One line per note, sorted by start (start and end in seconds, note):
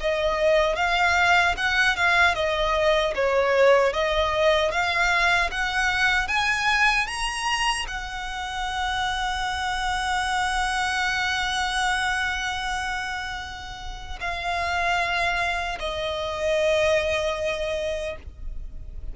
0.00 0.76 D#5
0.76 1.55 F5
1.57 1.96 F#5
1.96 2.35 F5
2.35 3.14 D#5
3.15 3.93 C#5
3.93 4.71 D#5
4.71 5.50 F5
5.51 6.28 F#5
6.28 7.07 G#5
7.07 7.86 A#5
7.87 14.19 F#5
14.21 15.79 F5
15.79 18.16 D#5